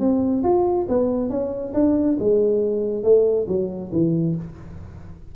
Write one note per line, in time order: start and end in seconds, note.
0.00 0.43 C4
0.44 0.87 F4
0.89 1.30 B3
1.30 1.74 C#4
1.74 2.18 D4
2.20 3.04 G#3
3.04 3.47 A3
3.48 3.92 F#3
3.92 4.36 E3